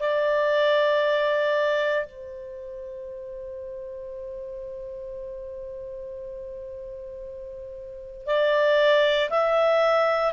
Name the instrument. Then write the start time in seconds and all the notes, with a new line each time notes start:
clarinet
0.00 D5
2.06 C5
8.27 D5
9.30 E5